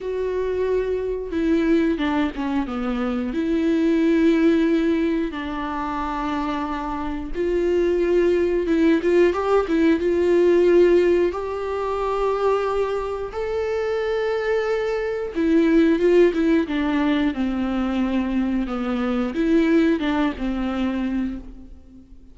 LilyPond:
\new Staff \with { instrumentName = "viola" } { \time 4/4 \tempo 4 = 90 fis'2 e'4 d'8 cis'8 | b4 e'2. | d'2. f'4~ | f'4 e'8 f'8 g'8 e'8 f'4~ |
f'4 g'2. | a'2. e'4 | f'8 e'8 d'4 c'2 | b4 e'4 d'8 c'4. | }